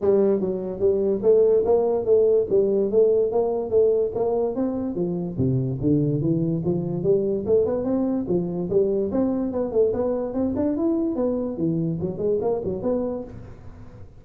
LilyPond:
\new Staff \with { instrumentName = "tuba" } { \time 4/4 \tempo 4 = 145 g4 fis4 g4 a4 | ais4 a4 g4 a4 | ais4 a4 ais4 c'4 | f4 c4 d4 e4 |
f4 g4 a8 b8 c'4 | f4 g4 c'4 b8 a8 | b4 c'8 d'8 e'4 b4 | e4 fis8 gis8 ais8 fis8 b4 | }